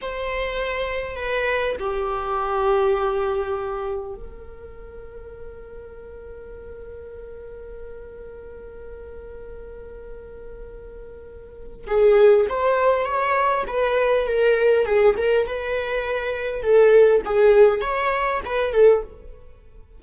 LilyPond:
\new Staff \with { instrumentName = "viola" } { \time 4/4 \tempo 4 = 101 c''2 b'4 g'4~ | g'2. ais'4~ | ais'1~ | ais'1~ |
ais'1 | gis'4 c''4 cis''4 b'4 | ais'4 gis'8 ais'8 b'2 | a'4 gis'4 cis''4 b'8 a'8 | }